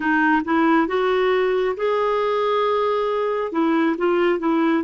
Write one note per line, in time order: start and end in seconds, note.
0.00 0.42 D#4
0.44 0.87 E4
0.87 1.75 F#4
1.76 3.52 G#4
3.52 3.96 E4
3.97 4.39 F4
4.39 4.83 E4